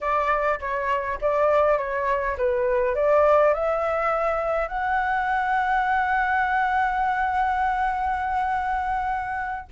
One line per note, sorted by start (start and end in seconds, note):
0.01 0.59 D5
0.60 1.18 C#5
1.21 1.78 D5
1.78 2.36 C#5
2.37 2.95 B4
2.95 3.53 D5
3.53 4.68 E5
4.68 9.68 F#5